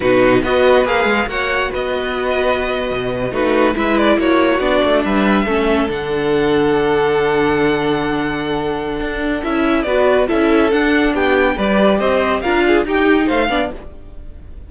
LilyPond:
<<
  \new Staff \with { instrumentName = "violin" } { \time 4/4 \tempo 4 = 140 b'4 dis''4 f''4 fis''4 | dis''2.~ dis''8. b'16~ | b'8. e''8 d''8 cis''4 d''4 e''16~ | e''4.~ e''16 fis''2~ fis''16~ |
fis''1~ | fis''2 e''4 d''4 | e''4 fis''4 g''4 d''4 | dis''4 f''4 g''4 f''4 | }
  \new Staff \with { instrumentName = "violin" } { \time 4/4 fis'4 b'2 cis''4 | b'2.~ b'8. fis'16~ | fis'8. b'4 fis'2 b'16~ | b'8. a'2.~ a'16~ |
a'1~ | a'2. b'4 | a'2 g'4 b'4 | c''4 ais'8 gis'8 g'4 c''8 d''8 | }
  \new Staff \with { instrumentName = "viola" } { \time 4/4 dis'4 fis'4 gis'4 fis'4~ | fis'2.~ fis'8. dis'16~ | dis'8. e'2 d'4~ d'16~ | d'8. cis'4 d'2~ d'16~ |
d'1~ | d'2 e'4 fis'4 | e'4 d'2 g'4~ | g'4 f'4 dis'4. d'8 | }
  \new Staff \with { instrumentName = "cello" } { \time 4/4 b,4 b4 ais8 gis8 ais4 | b2~ b8. b,4 a16~ | a8. gis4 ais4 b8 a8 g16~ | g8. a4 d2~ d16~ |
d1~ | d4 d'4 cis'4 b4 | cis'4 d'4 b4 g4 | c'4 d'4 dis'4 a8 b8 | }
>>